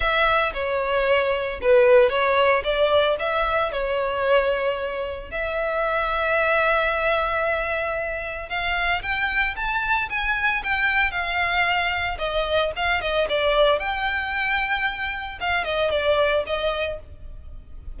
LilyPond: \new Staff \with { instrumentName = "violin" } { \time 4/4 \tempo 4 = 113 e''4 cis''2 b'4 | cis''4 d''4 e''4 cis''4~ | cis''2 e''2~ | e''1 |
f''4 g''4 a''4 gis''4 | g''4 f''2 dis''4 | f''8 dis''8 d''4 g''2~ | g''4 f''8 dis''8 d''4 dis''4 | }